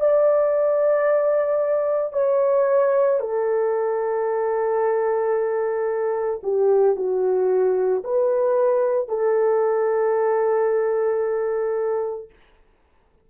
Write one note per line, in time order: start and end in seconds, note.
0.00 2.12 D5
2.12 3.19 C#5
3.19 6.41 A4
6.43 6.95 G4
6.95 8.03 F#4
8.04 9.08 B4
9.08 12.29 A4